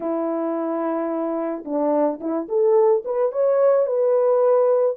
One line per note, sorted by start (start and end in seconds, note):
0.00 1.64 E4
1.65 2.20 D4
2.20 2.48 E4
2.48 3.03 A4
3.04 3.32 B4
3.32 3.86 C#5
3.86 4.96 B4